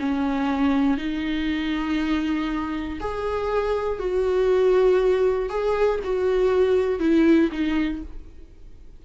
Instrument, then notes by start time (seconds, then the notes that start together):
viola
0.00 C#4
0.98 D#4
3.00 G#4
3.99 F#4
5.50 G#4
6.04 F#4
7.00 E4
7.52 D#4